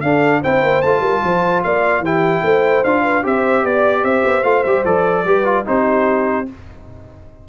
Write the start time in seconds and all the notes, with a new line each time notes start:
0.00 D4 A4 F5
0.41 C4 E4 C5 G5
0.62 A#3
0.81 A3 F4 A5
1.00 G3 A#4
1.23 F3 C5
1.63 A#3 D5 F5
2.00 E3 E4 G4 G5
2.43 A3 C5
2.83 D4 F4 F5
3.03 B4
3.23 C4 G4 C5 E5
3.63 B3 D5
4.03 C4 C5 E5
4.24 B3
4.43 A3 F4 F5
4.63 G3 G4 E5
4.84 F3 A4 D5
5.24 G3 G4 B4
5.44 F4
5.65 C4 D#4 G4 C5